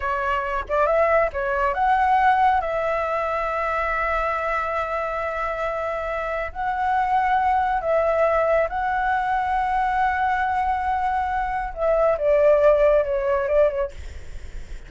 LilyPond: \new Staff \with { instrumentName = "flute" } { \time 4/4 \tempo 4 = 138 cis''4. d''8 e''4 cis''4 | fis''2 e''2~ | e''1~ | e''2. fis''4~ |
fis''2 e''2 | fis''1~ | fis''2. e''4 | d''2 cis''4 d''8 cis''8 | }